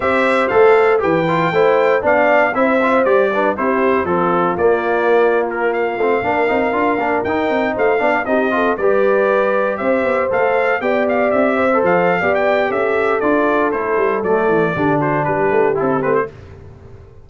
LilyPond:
<<
  \new Staff \with { instrumentName = "trumpet" } { \time 4/4 \tempo 4 = 118 e''4 f''4 g''2 | f''4 e''4 d''4 c''4 | a'4 d''4.~ d''16 ais'8 f''8.~ | f''2~ f''16 g''4 f''8.~ |
f''16 dis''4 d''2 e''8.~ | e''16 f''4 g''8 f''8 e''4 f''8.~ | f''16 g''8. e''4 d''4 c''4 | d''4. c''8 b'4 a'8 b'16 c''16 | }
  \new Staff \with { instrumentName = "horn" } { \time 4/4 c''2 b'4 c''4 | d''4 c''4. b'8 g'4 | f'1~ | f'16 ais'2. c''8 d''16~ |
d''16 g'8 a'8 b'2 c''8.~ | c''4~ c''16 d''4. c''4~ c''16 | d''4 a'2.~ | a'4 g'8 fis'8 g'2 | }
  \new Staff \with { instrumentName = "trombone" } { \time 4/4 g'4 a'4 g'8 f'8 e'4 | d'4 e'8 f'8 g'8 d'8 e'4 | c'4 ais2~ ais8. c'16~ | c'16 d'8 dis'8 f'8 d'8 dis'4. d'16~ |
d'16 dis'8 f'8 g'2~ g'8.~ | g'16 a'4 g'4.~ g'16 a'4 | g'2 f'4 e'4 | a4 d'2 e'8 c'8 | }
  \new Staff \with { instrumentName = "tuba" } { \time 4/4 c'4 a4 e4 a4 | b4 c'4 g4 c'4 | f4 ais2~ ais8. a16~ | a16 ais8 c'8 d'8 ais8 dis'8 c'8 a8 b16~ |
b16 c'4 g2 c'8 b16~ | b16 a4 b4 c'4 f8. | b4 cis'4 d'4 a8 g8 | fis8 e8 d4 g8 a8 c'8 a8 | }
>>